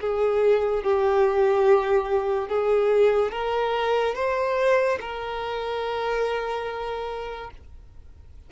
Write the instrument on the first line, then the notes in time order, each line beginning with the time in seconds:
violin
0.00 G#4
0.83 G4
2.48 G#4
3.31 A#4
4.15 C5
5.00 A#4